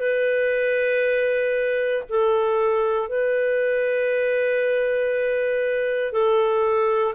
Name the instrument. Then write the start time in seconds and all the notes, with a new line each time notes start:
clarinet
0.00 B4
2.09 A4
3.09 B4
6.12 A4